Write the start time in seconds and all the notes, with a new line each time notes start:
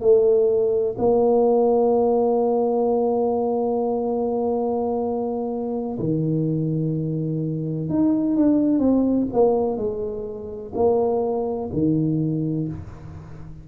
0.00 A3
0.97 A#3
5.99 D#3
7.89 D#4
8.36 D4
8.78 C4
9.32 A#3
9.77 G#3
10.74 A#3
11.73 D#3